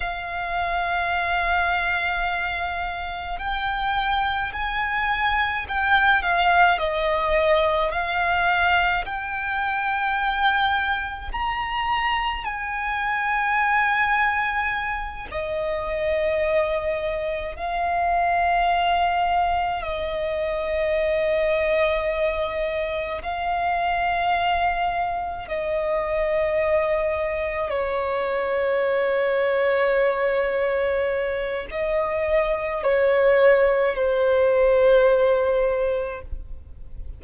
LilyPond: \new Staff \with { instrumentName = "violin" } { \time 4/4 \tempo 4 = 53 f''2. g''4 | gis''4 g''8 f''8 dis''4 f''4 | g''2 ais''4 gis''4~ | gis''4. dis''2 f''8~ |
f''4. dis''2~ dis''8~ | dis''8 f''2 dis''4.~ | dis''8 cis''2.~ cis''8 | dis''4 cis''4 c''2 | }